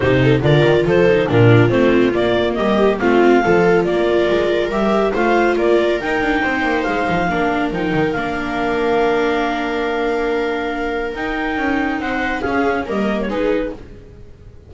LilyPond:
<<
  \new Staff \with { instrumentName = "clarinet" } { \time 4/4 \tempo 4 = 140 c''4 d''4 c''4 ais'4 | c''4 d''4 dis''4 f''4~ | f''4 d''2 e''4 | f''4 d''4 g''2 |
f''2 g''4 f''4~ | f''1~ | f''2 g''2 | fis''4 f''4 dis''8. cis''16 b'4 | }
  \new Staff \with { instrumentName = "viola" } { \time 4/4 g'8 a'8 ais'4 a'4 f'4~ | f'2 g'4 f'4 | a'4 ais'2. | c''4 ais'2 c''4~ |
c''4 ais'2.~ | ais'1~ | ais'1 | c''4 gis'4 ais'4 gis'4 | }
  \new Staff \with { instrumentName = "viola" } { \time 4/4 dis'4 f'4. dis'8 d'4 | c'4 ais2 c'4 | f'2. g'4 | f'2 dis'2~ |
dis'4 d'4 dis'4 d'4~ | d'1~ | d'2 dis'2~ | dis'4 cis'4 ais4 dis'4 | }
  \new Staff \with { instrumentName = "double bass" } { \time 4/4 c4 d8 dis8 f4 ais,4 | a4 ais4 g4 a4 | f4 ais4 gis4 g4 | a4 ais4 dis'8 d'8 c'8 ais8 |
gis8 f8 ais4 f8 dis8 ais4~ | ais1~ | ais2 dis'4 cis'4 | c'4 cis'4 g4 gis4 | }
>>